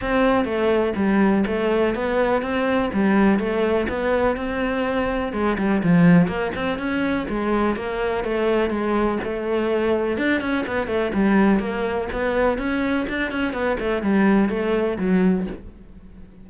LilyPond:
\new Staff \with { instrumentName = "cello" } { \time 4/4 \tempo 4 = 124 c'4 a4 g4 a4 | b4 c'4 g4 a4 | b4 c'2 gis8 g8 | f4 ais8 c'8 cis'4 gis4 |
ais4 a4 gis4 a4~ | a4 d'8 cis'8 b8 a8 g4 | ais4 b4 cis'4 d'8 cis'8 | b8 a8 g4 a4 fis4 | }